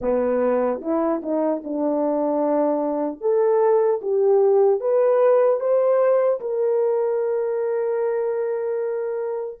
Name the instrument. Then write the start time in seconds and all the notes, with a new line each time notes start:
horn
0.01 B3
0.81 E4
1.22 D#4
1.64 D4
3.20 A4
4.01 G4
4.80 B4
5.60 C5
6.40 A#4